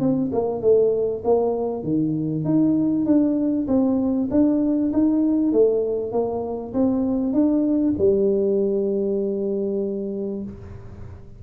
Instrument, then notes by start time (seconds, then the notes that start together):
tuba
0.00 C4
0.32 A#3
0.62 A3
1.24 A#3
1.83 D#3
2.44 D#4
3.06 D4
3.68 C4
4.31 D4
4.93 D#4
5.52 A3
6.12 A#3
6.73 C4
7.33 D4
7.98 G3